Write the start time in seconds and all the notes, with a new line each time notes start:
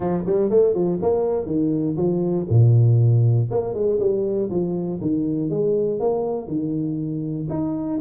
0.00 F3
0.25 G3
0.50 A3
0.74 F3
1.02 A#3
1.46 D#3
1.96 F3
2.49 A#2
3.50 A#3
3.73 G#3
3.99 G3
4.50 F3
5.01 D#3
5.50 G#3
5.99 A#3
6.47 D#3
7.49 D#4